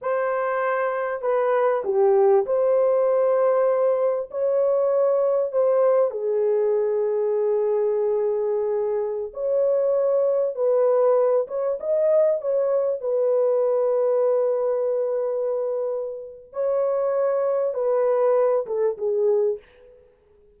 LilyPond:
\new Staff \with { instrumentName = "horn" } { \time 4/4 \tempo 4 = 98 c''2 b'4 g'4 | c''2. cis''4~ | cis''4 c''4 gis'2~ | gis'2.~ gis'16 cis''8.~ |
cis''4~ cis''16 b'4. cis''8 dis''8.~ | dis''16 cis''4 b'2~ b'8.~ | b'2. cis''4~ | cis''4 b'4. a'8 gis'4 | }